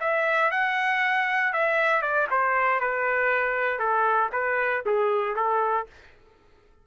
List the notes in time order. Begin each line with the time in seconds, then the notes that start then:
0.00 E5
0.51 F#5
1.53 E5
2.02 D5
2.30 C5
2.80 B4
3.79 A4
4.32 B4
4.85 G#4
5.36 A4